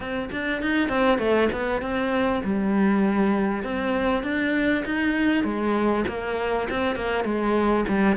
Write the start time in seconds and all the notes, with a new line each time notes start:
0.00 C4
0.31 D4
0.62 D#4
0.88 C4
1.18 A3
1.52 B3
1.81 C4
2.44 G3
3.63 C4
4.23 D4
4.85 D#4
5.44 G#3
6.07 A#3
6.69 C4
6.95 A#3
7.24 G#3
7.88 G3